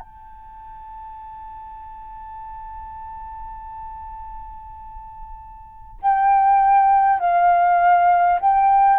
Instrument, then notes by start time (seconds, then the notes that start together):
flute
0.00 A5
6.02 G5
7.19 F5
8.41 G5